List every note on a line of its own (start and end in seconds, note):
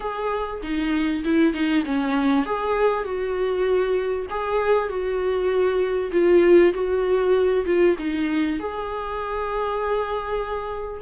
0.00 0.61 G#4
0.62 1.23 D#4
1.24 1.53 E4
1.53 1.84 D#4
1.85 2.45 C#4
2.45 3.04 G#4
3.04 4.26 F#4
4.30 4.88 G#4
4.88 6.11 F#4
6.12 6.73 F4
6.73 7.65 F#4
7.65 7.96 F4
7.98 8.59 D#4
8.59 11.01 G#4